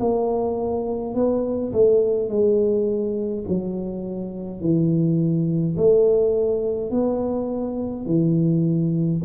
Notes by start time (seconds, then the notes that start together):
0.00 A#3
1.15 B3
1.73 A3
2.29 G#3
3.49 F#3
4.61 E3
5.77 A3
6.91 B3
8.06 E3